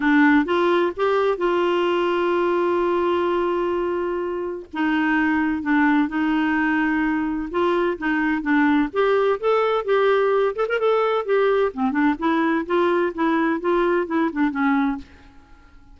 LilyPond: \new Staff \with { instrumentName = "clarinet" } { \time 4/4 \tempo 4 = 128 d'4 f'4 g'4 f'4~ | f'1~ | f'2 dis'2 | d'4 dis'2. |
f'4 dis'4 d'4 g'4 | a'4 g'4. a'16 ais'16 a'4 | g'4 c'8 d'8 e'4 f'4 | e'4 f'4 e'8 d'8 cis'4 | }